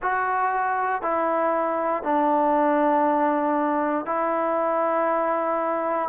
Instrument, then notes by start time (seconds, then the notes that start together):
trombone
0.02 F#4
1.02 E4
2.03 D4
4.05 E4